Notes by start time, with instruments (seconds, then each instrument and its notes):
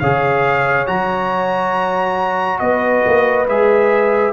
0.00 tuba C#3, trombone G#4, horn C#5, trumpet F5
0.87 tuba F#3, trombone F#4, trumpet A#5
2.59 tuba B3, horn B4, trumpet D#5
3.07 tuba A#3
3.48 tuba G#3, trombone G#4, trumpet E5